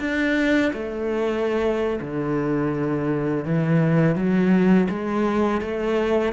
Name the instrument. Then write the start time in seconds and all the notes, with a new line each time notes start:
cello
0.00 D4
0.73 A3
2.01 D3
3.45 E3
4.16 F#3
4.89 G#3
5.61 A3